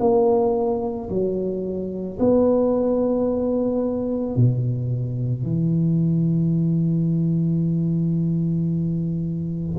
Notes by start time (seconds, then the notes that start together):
0.00 A#3
1.09 F#3
2.19 B3
4.36 B2
5.43 E3